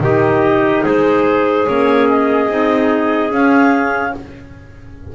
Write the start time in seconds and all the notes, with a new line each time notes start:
0.00 D#3 D#4 G4 D#5
0.84 G#3 G#4 C5
1.66 A#3 C#4 C#5
2.08 D#5
2.48 C4 D#4
3.29 C#4 F5